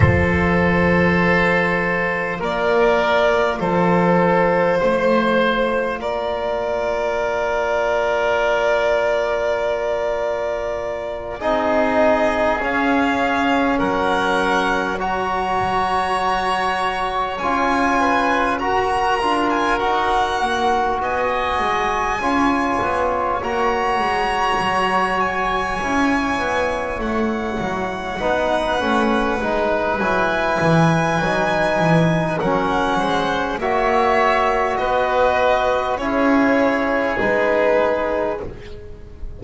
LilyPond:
<<
  \new Staff \with { instrumentName = "violin" } { \time 4/4 \tempo 4 = 50 c''2 d''4 c''4~ | c''4 d''2.~ | d''4. dis''4 f''4 fis''8~ | fis''8 ais''2 gis''4 ais''8~ |
ais''16 gis''16 fis''4 gis''2 ais''8~ | ais''4 gis''4. fis''4.~ | fis''4 gis''2 fis''4 | e''4 dis''4 cis''4 b'4 | }
  \new Staff \with { instrumentName = "oboe" } { \time 4/4 a'2 ais'4 a'4 | c''4 ais'2.~ | ais'4. gis'2 ais'8~ | ais'8 cis''2~ cis''8 b'8 ais'8~ |
ais'4. dis''4 cis''4.~ | cis''2.~ cis''8 b'8~ | b'2. ais'8 c''8 | cis''4 b'4 gis'2 | }
  \new Staff \with { instrumentName = "trombone" } { \time 4/4 f'1~ | f'1~ | f'4. dis'4 cis'4.~ | cis'8 fis'2 f'4 fis'8 |
f'8 fis'2 f'4 fis'8~ | fis'4. e'2 dis'8 | cis'8 dis'8 e'4 dis'4 cis'4 | fis'2 e'4 dis'4 | }
  \new Staff \with { instrumentName = "double bass" } { \time 4/4 f2 ais4 f4 | a4 ais2.~ | ais4. c'4 cis'4 fis8~ | fis2~ fis8 cis'4 fis'8 |
d'8 dis'8 ais8 b8 gis8 cis'8 b8 ais8 | gis8 fis4 cis'8 b8 a8 fis8 b8 | a8 gis8 fis8 e8 fis8 e8 fis8 gis8 | ais4 b4 cis'4 gis4 | }
>>